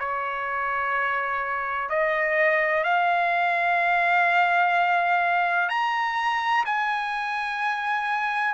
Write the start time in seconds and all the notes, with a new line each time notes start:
0.00 C#5
1.90 D#5
2.84 F5
5.69 A#5
6.66 G#5